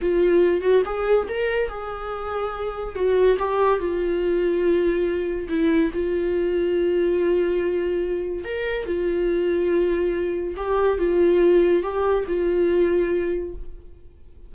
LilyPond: \new Staff \with { instrumentName = "viola" } { \time 4/4 \tempo 4 = 142 f'4. fis'8 gis'4 ais'4 | gis'2. fis'4 | g'4 f'2.~ | f'4 e'4 f'2~ |
f'1 | ais'4 f'2.~ | f'4 g'4 f'2 | g'4 f'2. | }